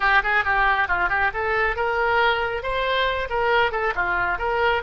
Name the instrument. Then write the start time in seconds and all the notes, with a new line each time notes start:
oboe
0.00 G4
0.23 G#4
0.44 G4
0.87 F4
1.09 G4
1.33 A4
1.76 A#4
2.62 C5
3.29 A#4
3.71 A4
3.95 F4
4.38 A#4